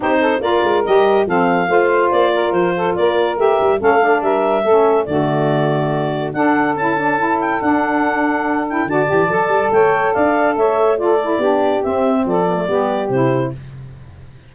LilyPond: <<
  \new Staff \with { instrumentName = "clarinet" } { \time 4/4 \tempo 4 = 142 c''4 d''4 dis''4 f''4~ | f''4 d''4 c''4 d''4 | e''4 f''4 e''2 | d''2. fis''4 |
a''4. g''8 fis''2~ | fis''8 g''8 a''2 g''4 | f''4 e''4 d''2 | e''4 d''2 c''4 | }
  \new Staff \with { instrumentName = "saxophone" } { \time 4/4 g'8 a'8 ais'2 a'4 | c''4. ais'4 a'8 ais'4~ | ais'4 a'4 ais'4 a'4 | fis'2. a'4~ |
a'1~ | a'4 d''2 cis''4 | d''4 cis''4 a'4 g'4~ | g'4 a'4 g'2 | }
  \new Staff \with { instrumentName = "saxophone" } { \time 4/4 dis'4 f'4 g'4 c'4 | f'1 | g'4 cis'8 d'4. cis'4 | a2. d'4 |
e'8 d'8 e'4 d'2~ | d'8 e'8 fis'8 g'8 a'2~ | a'2 f'8 e'8 d'4 | c'4. b16 a16 b4 e'4 | }
  \new Staff \with { instrumentName = "tuba" } { \time 4/4 c'4 ais8 gis8 g4 f4 | a4 ais4 f4 ais4 | a8 g8 a4 g4 a4 | d2. d'4 |
cis'2 d'2~ | d'4 d8 e8 fis8 g8 a4 | d'4 a2 b4 | c'4 f4 g4 c4 | }
>>